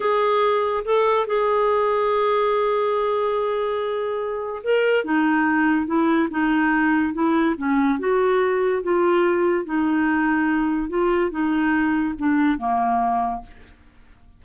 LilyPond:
\new Staff \with { instrumentName = "clarinet" } { \time 4/4 \tempo 4 = 143 gis'2 a'4 gis'4~ | gis'1~ | gis'2. ais'4 | dis'2 e'4 dis'4~ |
dis'4 e'4 cis'4 fis'4~ | fis'4 f'2 dis'4~ | dis'2 f'4 dis'4~ | dis'4 d'4 ais2 | }